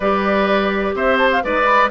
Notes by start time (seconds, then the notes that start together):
0.00 G3 G4 B4 D5
0.94 C4 C5 E5
1.17 A5
1.32 F5
1.43 G#3 D#4 B4 D5
1.65 B5